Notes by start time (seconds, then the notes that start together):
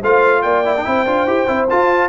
0.00 A3 F4 C5 F5
0.42 A#3 D5 G5
0.65 E4
0.76 D4
0.85 C4 E4 C5
1.06 D4 F4
1.26 E4 G4
1.47 C4 E4
1.69 F4 A5